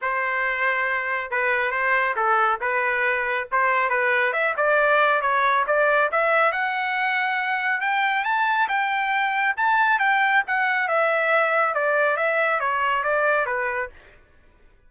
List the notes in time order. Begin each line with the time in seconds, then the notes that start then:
0.01 C5
1.30 B4
1.71 C5
2.16 A4
2.61 B4
3.51 C5
3.89 B4
4.32 E5
4.56 D5
5.21 C#5
5.66 D5
6.11 E5
6.52 F#5
7.80 G5
8.24 A5
8.68 G5
9.57 A5
9.99 G5
10.47 F#5
10.88 E5
11.74 D5
12.16 E5
12.60 C#5
13.03 D5
13.46 B4